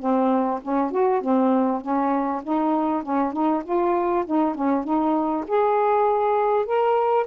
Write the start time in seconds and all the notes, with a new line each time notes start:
0.00 C4
0.63 C#4
0.92 F#4
1.22 C4
1.82 C#4
2.44 D#4
3.04 C#4
3.33 D#4
3.64 F4
4.26 D#4
4.55 C#4
4.85 D#4
5.48 G#4
6.66 A#4